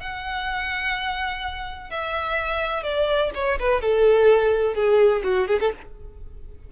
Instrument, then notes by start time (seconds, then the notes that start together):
violin
0.00 F#5
1.90 E5
2.82 D5
3.34 C#5
3.59 B4
3.81 A4
4.74 G#4
5.23 F#4
5.47 G#4
5.60 A4